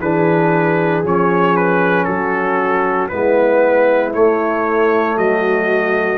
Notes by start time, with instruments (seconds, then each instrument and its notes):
0.00 tuba E3, trombone D4, horn G#4, trumpet B4
1.04 tuba F3, trombone C#4, trumpet C#5
1.57 trumpet B4
2.04 tuba F#3, horn F#4, trumpet A4
3.09 tuba G#3, trombone B3, horn E4, trumpet B4
4.13 trombone A3, tuba A3, trumpet C#5
5.17 tuba F#3, horn F#4, trumpet D#5